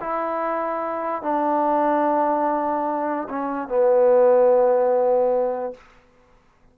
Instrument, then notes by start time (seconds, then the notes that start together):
trombone
0.00 E4
1.22 D4
3.29 C#4
3.68 B3